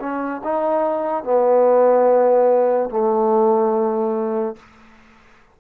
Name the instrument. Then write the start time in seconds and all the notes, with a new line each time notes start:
trombone
0.00 C#4
0.44 D#4
1.24 B3
2.90 A3